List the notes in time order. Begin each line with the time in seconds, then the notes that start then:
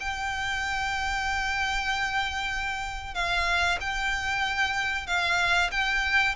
0.00 G5
3.15 F5
3.80 G5
5.07 F5
5.71 G5